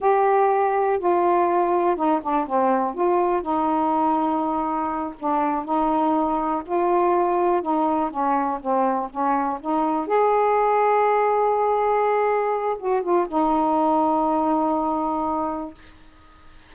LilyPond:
\new Staff \with { instrumentName = "saxophone" } { \time 4/4 \tempo 4 = 122 g'2 f'2 | dis'8 d'8 c'4 f'4 dis'4~ | dis'2~ dis'8 d'4 dis'8~ | dis'4. f'2 dis'8~ |
dis'8 cis'4 c'4 cis'4 dis'8~ | dis'8 gis'2.~ gis'8~ | gis'2 fis'8 f'8 dis'4~ | dis'1 | }